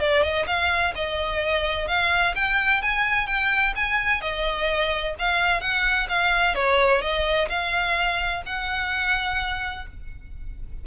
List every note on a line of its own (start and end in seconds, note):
0.00 0.23 D5
0.23 0.46 D#5
0.47 0.94 F5
0.96 1.88 D#5
1.88 2.35 F5
2.36 2.83 G5
2.83 3.27 G#5
3.27 3.74 G5
3.76 4.21 G#5
4.21 5.15 D#5
5.19 5.61 F5
5.61 6.08 F#5
6.09 6.55 F5
6.55 7.02 C#5
7.02 7.49 D#5
7.49 8.43 F5
8.46 9.87 F#5